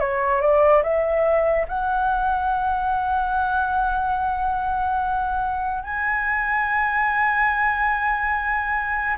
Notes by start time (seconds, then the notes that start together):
0.00 C#5
0.41 D5
0.83 E5
1.69 F#5
5.84 G#5